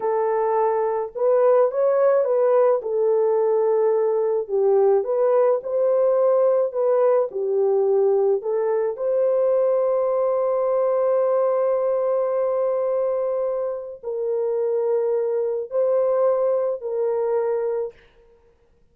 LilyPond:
\new Staff \with { instrumentName = "horn" } { \time 4/4 \tempo 4 = 107 a'2 b'4 cis''4 | b'4 a'2. | g'4 b'4 c''2 | b'4 g'2 a'4 |
c''1~ | c''1~ | c''4 ais'2. | c''2 ais'2 | }